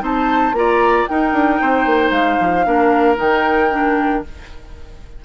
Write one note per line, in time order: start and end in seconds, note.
0.00 0.53 C4
0.00 0.53 D#4
0.00 0.56 C5
0.00 0.55 A5
0.53 1.06 A#3
0.53 1.09 F4
0.53 1.10 D5
0.53 1.08 A#5
1.08 2.66 D#4
1.08 1.33 D#4
1.08 1.61 A#4
1.08 2.11 G5
1.33 1.59 D4
1.61 1.86 C4
1.61 2.67 C5
1.86 2.11 A#3
2.11 2.37 G#3
2.11 3.17 F5
2.41 2.66 F3
2.66 3.19 A#3
2.66 3.16 D4
2.66 4.25 A#4
3.16 4.25 D#3
3.16 3.69 D#4
3.16 4.25 G5
3.72 4.24 D4